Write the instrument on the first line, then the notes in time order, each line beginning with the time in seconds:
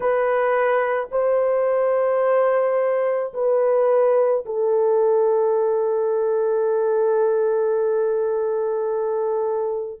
horn
0.00 B4
1.11 C5
3.33 B4
4.45 A4